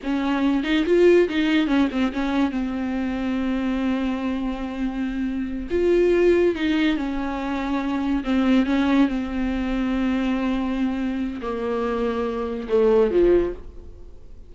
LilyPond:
\new Staff \with { instrumentName = "viola" } { \time 4/4 \tempo 4 = 142 cis'4. dis'8 f'4 dis'4 | cis'8 c'8 cis'4 c'2~ | c'1~ | c'4. f'2 dis'8~ |
dis'8 cis'2. c'8~ | c'8 cis'4 c'2~ c'8~ | c'2. ais4~ | ais2 a4 f4 | }